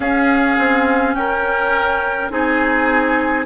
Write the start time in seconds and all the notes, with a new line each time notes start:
0.00 C#4 G#4 F5
0.58 C4
1.14 C#4 A#4 G5
2.30 C4 D#4 G#4 G#5